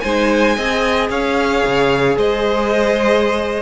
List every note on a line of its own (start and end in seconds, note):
0.00 0.57 G#3
0.00 0.56 D#4
0.00 0.56 C5
0.00 1.07 G#5
0.56 1.09 C4
0.56 3.62 G#4
0.56 1.09 D#5
1.09 1.63 C#4
1.09 2.17 C#5
1.09 2.18 F5
1.66 2.17 C#3
2.17 3.62 G#3
2.17 3.62 C5
2.17 3.62 D#5